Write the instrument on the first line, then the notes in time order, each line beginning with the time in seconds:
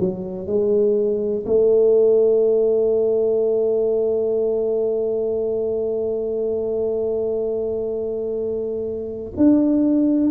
tuba
0.00 F#3
0.47 G#3
1.46 A3
9.37 D4